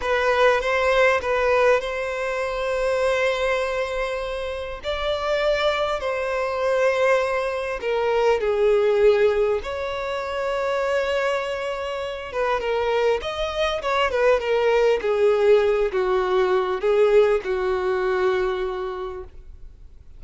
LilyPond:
\new Staff \with { instrumentName = "violin" } { \time 4/4 \tempo 4 = 100 b'4 c''4 b'4 c''4~ | c''1 | d''2 c''2~ | c''4 ais'4 gis'2 |
cis''1~ | cis''8 b'8 ais'4 dis''4 cis''8 b'8 | ais'4 gis'4. fis'4. | gis'4 fis'2. | }